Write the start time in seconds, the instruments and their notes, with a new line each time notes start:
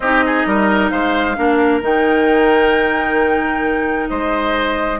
0.00 bassoon C4, clarinet D#4, oboe G4, flute D#5
0.26 oboe G#4
0.45 bassoon G3, oboe A#4
0.89 bassoon G#3, oboe C5, flute F5
1.36 bassoon A#3, clarinet D4, oboe A#4
1.81 bassoon D#3, clarinet D#4, flute G5
4.08 bassoon G#3, oboe C5, flute D#5